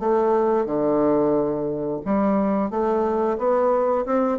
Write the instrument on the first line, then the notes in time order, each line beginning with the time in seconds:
bassoon
0.00 A3
0.66 D3
2.06 G3
2.71 A3
3.38 B3
4.06 C4